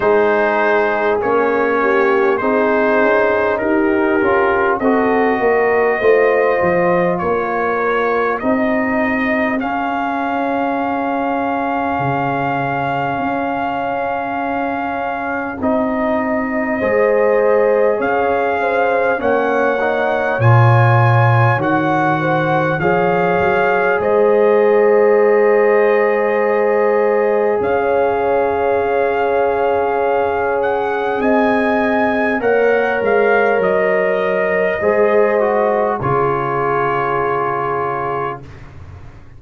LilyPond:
<<
  \new Staff \with { instrumentName = "trumpet" } { \time 4/4 \tempo 4 = 50 c''4 cis''4 c''4 ais'4 | dis''2 cis''4 dis''4 | f''1~ | f''4 dis''2 f''4 |
fis''4 gis''4 fis''4 f''4 | dis''2. f''4~ | f''4. fis''8 gis''4 fis''8 f''8 | dis''2 cis''2 | }
  \new Staff \with { instrumentName = "horn" } { \time 4/4 gis'4. g'8 gis'4 g'4 | a'8 ais'8 c''4 ais'4 gis'4~ | gis'1~ | gis'2 c''4 cis''8 c''8 |
cis''2~ cis''8 c''8 cis''4 | c''2. cis''4~ | cis''2 dis''4 cis''4~ | cis''4 c''4 gis'2 | }
  \new Staff \with { instrumentName = "trombone" } { \time 4/4 dis'4 cis'4 dis'4. f'8 | fis'4 f'2 dis'4 | cis'1~ | cis'4 dis'4 gis'2 |
cis'8 dis'8 f'4 fis'4 gis'4~ | gis'1~ | gis'2. ais'4~ | ais'4 gis'8 fis'8 f'2 | }
  \new Staff \with { instrumentName = "tuba" } { \time 4/4 gis4 ais4 c'8 cis'8 dis'8 cis'8 | c'8 ais8 a8 f8 ais4 c'4 | cis'2 cis4 cis'4~ | cis'4 c'4 gis4 cis'4 |
ais4 ais,4 dis4 f8 fis8 | gis2. cis'4~ | cis'2 c'4 ais8 gis8 | fis4 gis4 cis2 | }
>>